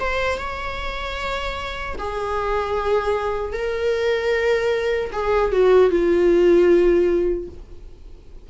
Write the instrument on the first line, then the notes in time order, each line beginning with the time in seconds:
viola
0.00 C5
0.38 C#5
1.98 G#4
3.53 A#4
5.12 G#4
5.52 F#4
5.90 F4